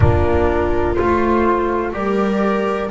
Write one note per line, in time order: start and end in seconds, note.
0.00 0.97 A#3
0.00 0.96 D4
0.00 1.94 F4
0.00 0.94 A#4
0.94 1.93 A3
0.94 1.92 F4
0.94 1.91 C5
1.92 2.90 G3
1.92 2.89 G4
1.92 2.91 A#4
1.92 2.91 D5